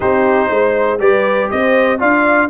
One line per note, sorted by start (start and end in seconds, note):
0.00 0.50 C4
0.00 0.98 D#4
0.00 0.49 G4
0.00 1.00 C5
0.49 0.99 G#3
0.49 0.99 C5
0.99 1.49 G3
0.99 1.98 G4
0.99 1.51 B4
0.99 1.50 D5
1.50 2.02 C4
1.50 1.99 C5
1.50 2.00 D#5
1.98 2.49 D4
1.98 2.48 F4
1.98 2.49 D5
1.98 2.49 F5